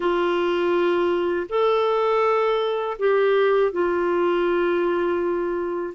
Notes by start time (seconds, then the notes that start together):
0.00 F4
1.49 A4
2.98 G4
3.71 F4